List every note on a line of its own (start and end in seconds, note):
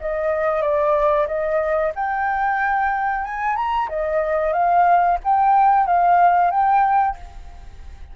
0.00 0.61 D#5
0.61 1.27 D5
1.27 1.92 D#5
1.95 3.24 G5
3.24 3.55 G#5
3.55 3.88 A#5
3.89 4.52 D#5
4.52 5.18 F5
5.24 5.86 G5
5.86 6.51 F5
6.51 7.16 G5